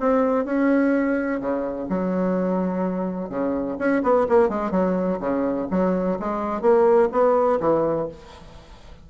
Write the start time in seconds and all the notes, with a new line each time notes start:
0.00 C4
0.45 C#4
1.40 C#3
1.90 F#3
3.30 C#3
3.79 C#4
4.03 B3
4.29 A#3
4.49 G#3
4.71 F#3
5.20 C#3
5.71 F#3
6.20 G#3
6.62 A#3
7.12 B3
7.61 E3